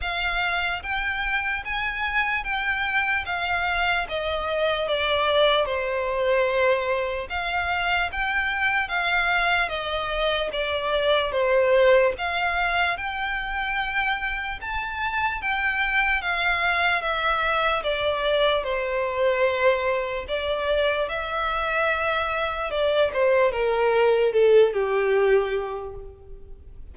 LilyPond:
\new Staff \with { instrumentName = "violin" } { \time 4/4 \tempo 4 = 74 f''4 g''4 gis''4 g''4 | f''4 dis''4 d''4 c''4~ | c''4 f''4 g''4 f''4 | dis''4 d''4 c''4 f''4 |
g''2 a''4 g''4 | f''4 e''4 d''4 c''4~ | c''4 d''4 e''2 | d''8 c''8 ais'4 a'8 g'4. | }